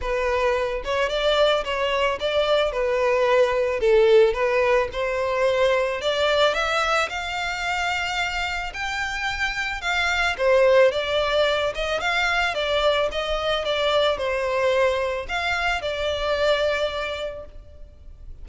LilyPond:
\new Staff \with { instrumentName = "violin" } { \time 4/4 \tempo 4 = 110 b'4. cis''8 d''4 cis''4 | d''4 b'2 a'4 | b'4 c''2 d''4 | e''4 f''2. |
g''2 f''4 c''4 | d''4. dis''8 f''4 d''4 | dis''4 d''4 c''2 | f''4 d''2. | }